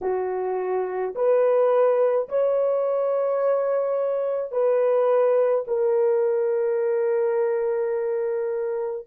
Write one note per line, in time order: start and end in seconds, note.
0.01 1.14 F#4
1.15 2.28 B4
2.28 4.51 C#5
4.51 5.64 B4
5.67 9.06 A#4